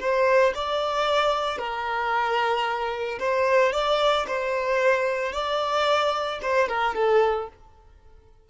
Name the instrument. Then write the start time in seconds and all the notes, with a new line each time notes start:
violin
0.00 C5
0.55 D5
1.58 A#4
3.19 C5
3.72 D5
4.27 C5
5.33 D5
6.42 C5
6.68 A#4
6.95 A4